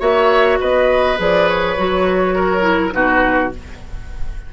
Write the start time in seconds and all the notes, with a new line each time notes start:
0.00 A#3 F#4 C#5 E5
0.61 B3 B4 D#5
1.18 F3 G#4 D5
1.49 C#5
1.78 F#3 F#4
2.36 A#4
2.62 E4
2.93 B2 D#4 F#4 B4